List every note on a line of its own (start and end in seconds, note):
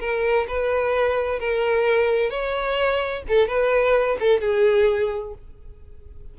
0.00 0.47 A#4
0.48 1.40 B4
1.40 2.30 A#4
2.30 3.23 C#5
3.29 3.48 A4
3.48 4.18 B4
4.20 4.41 A4
4.41 5.34 G#4